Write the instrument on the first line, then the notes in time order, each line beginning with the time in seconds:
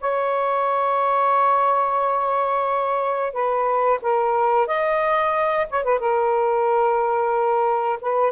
saxophone
0.00 C#5
3.33 B4
4.02 A#4
4.67 D#5
5.69 C#5
5.84 B4
5.99 A#4
8.01 B4